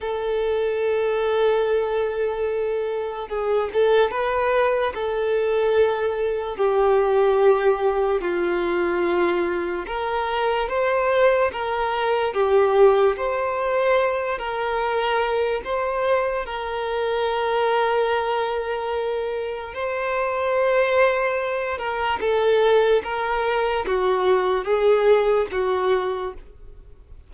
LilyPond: \new Staff \with { instrumentName = "violin" } { \time 4/4 \tempo 4 = 73 a'1 | gis'8 a'8 b'4 a'2 | g'2 f'2 | ais'4 c''4 ais'4 g'4 |
c''4. ais'4. c''4 | ais'1 | c''2~ c''8 ais'8 a'4 | ais'4 fis'4 gis'4 fis'4 | }